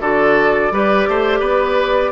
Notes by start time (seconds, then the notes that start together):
0.00 D3 F#4 A4 D5
0.71 G3 G4 B4
1.08 A3 C5
1.39 B3 B4